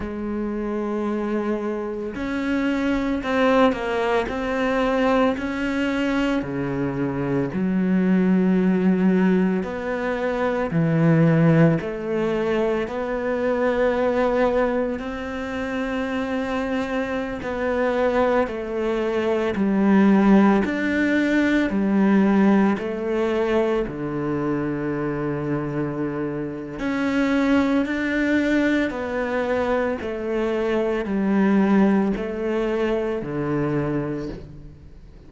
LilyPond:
\new Staff \with { instrumentName = "cello" } { \time 4/4 \tempo 4 = 56 gis2 cis'4 c'8 ais8 | c'4 cis'4 cis4 fis4~ | fis4 b4 e4 a4 | b2 c'2~ |
c'16 b4 a4 g4 d'8.~ | d'16 g4 a4 d4.~ d16~ | d4 cis'4 d'4 b4 | a4 g4 a4 d4 | }